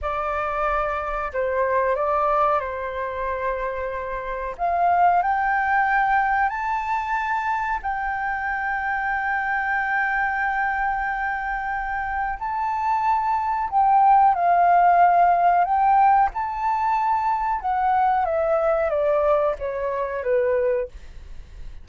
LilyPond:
\new Staff \with { instrumentName = "flute" } { \time 4/4 \tempo 4 = 92 d''2 c''4 d''4 | c''2. f''4 | g''2 a''2 | g''1~ |
g''2. a''4~ | a''4 g''4 f''2 | g''4 a''2 fis''4 | e''4 d''4 cis''4 b'4 | }